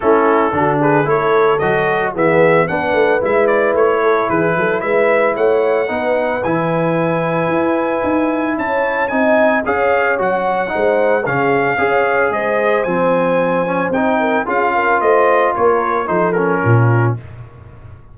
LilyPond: <<
  \new Staff \with { instrumentName = "trumpet" } { \time 4/4 \tempo 4 = 112 a'4. b'8 cis''4 dis''4 | e''4 fis''4 e''8 d''8 cis''4 | b'4 e''4 fis''2 | gis''1 |
a''4 gis''4 f''4 fis''4~ | fis''4 f''2 dis''4 | gis''2 g''4 f''4 | dis''4 cis''4 c''8 ais'4. | }
  \new Staff \with { instrumentName = "horn" } { \time 4/4 e'4 fis'8 gis'8 a'2 | gis'4 b'2~ b'8 a'8 | gis'8 a'8 b'4 cis''4 b'4~ | b'1 |
cis''4 dis''4 cis''2 | c''4 gis'4 cis''4 c''4~ | c''2~ c''8 ais'8 gis'8 ais'8 | c''4 ais'4 a'4 f'4 | }
  \new Staff \with { instrumentName = "trombone" } { \time 4/4 cis'4 d'4 e'4 fis'4 | b4 d'4 e'2~ | e'2. dis'4 | e'1~ |
e'4 dis'4 gis'4 fis'4 | dis'4 cis'4 gis'2 | c'4. cis'8 dis'4 f'4~ | f'2 dis'8 cis'4. | }
  \new Staff \with { instrumentName = "tuba" } { \time 4/4 a4 d4 a4 fis4 | e4 b8 a8 gis4 a4 | e8 fis8 gis4 a4 b4 | e2 e'4 dis'4 |
cis'4 c'4 cis'4 fis4 | gis4 cis4 cis'4 gis4 | f2 c'4 cis'4 | a4 ais4 f4 ais,4 | }
>>